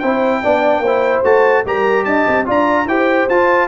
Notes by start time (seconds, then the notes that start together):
0.00 C4 E4 C5 G5
0.43 B3 D4 D5
0.79 A#3 C5
0.87 E4
1.24 A3 F#4 A5
1.66 G3 G4 A#4 A#5
2.05 D4 D#5 A5
2.28 C4
2.46 D4 F4 D5 A#5
2.86 E4 G4 C5 G5
3.30 F4 A5